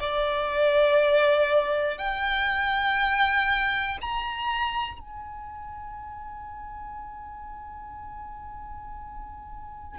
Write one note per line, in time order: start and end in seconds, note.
0.00 1.99 D5
1.99 3.99 G5
4.01 5.00 A#5
5.00 9.99 G#5